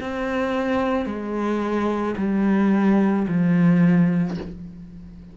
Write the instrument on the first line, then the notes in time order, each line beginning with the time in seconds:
cello
0.00 C4
1.05 G#3
2.17 G3
3.28 F3